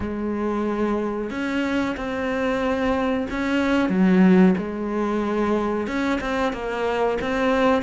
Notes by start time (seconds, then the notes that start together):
0.00 G#3
1.30 C#4
1.96 C4
3.30 C#4
3.89 F#3
4.57 G#3
5.87 C#4
6.20 C4
6.52 A#3
7.21 C4